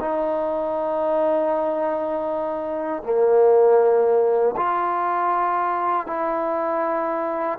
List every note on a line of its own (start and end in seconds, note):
0.00 3.03 D#4
3.03 4.55 A#3
4.57 6.07 F4
6.07 7.59 E4